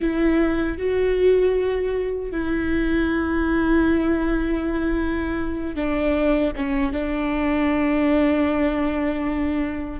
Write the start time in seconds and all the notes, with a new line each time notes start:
0.00 E4
0.77 F#4
2.31 E4
5.75 D4
6.56 C#4
6.92 D4